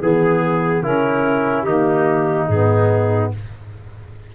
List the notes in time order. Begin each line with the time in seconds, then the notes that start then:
0.00 E3 B3 G#4
0.82 C#3 C#4 E4 A#4
1.62 D#3 A#3 D#4 G4
2.47 G#2 B3 G#4